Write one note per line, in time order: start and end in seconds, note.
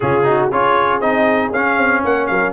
0.00 0.51 C#3
0.00 0.23 C#4
0.00 0.25 F4
0.00 0.49 G#4
0.23 0.48 D#4
0.23 0.49 F#4
0.49 1.00 C#4
0.49 1.01 F4
0.49 2.02 G#4
0.49 1.00 C#5
1.00 1.51 C4
1.00 1.52 D#4
1.00 1.51 D#5
1.52 1.77 C#4
1.52 2.52 C#4
1.52 2.03 F5
1.77 2.03 C4
2.03 2.29 A#3
2.03 2.29 C#5
2.03 2.26 F#5
2.26 2.52 F#3
2.26 2.52 A#4
2.26 2.52 F5